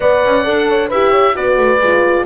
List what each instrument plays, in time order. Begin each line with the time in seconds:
0.00 double bass B3, horn B4 D5, oboe F#5
0.24 double bass C#4
0.44 double bass D4, horn A4
0.68 horn C#5
0.88 double bass E4, horn G4 B4, oboe E5
1.10 horn C#5
1.34 double bass B3, horn F#4 B4, oboe D5
1.57 double bass A3
1.80 double bass G#3, horn F4